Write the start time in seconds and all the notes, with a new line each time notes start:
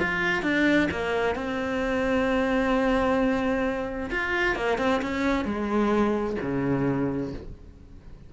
0.00 F4
0.43 D4
0.92 A#3
1.36 C4
4.11 F4
4.56 A#3
4.79 C4
5.03 C#4
5.45 G#3
6.42 C#3